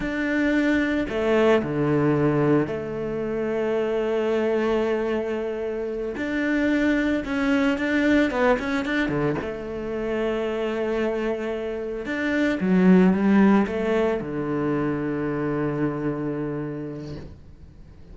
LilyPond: \new Staff \with { instrumentName = "cello" } { \time 4/4 \tempo 4 = 112 d'2 a4 d4~ | d4 a2.~ | a2.~ a8 d'8~ | d'4. cis'4 d'4 b8 |
cis'8 d'8 d8 a2~ a8~ | a2~ a8 d'4 fis8~ | fis8 g4 a4 d4.~ | d1 | }